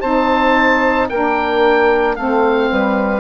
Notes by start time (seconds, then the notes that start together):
0.00 C4 D#4 C5 A5
1.08 A#3 D4 A#4 G5
2.16 A3 C4 A4 F5
2.70 G3 B4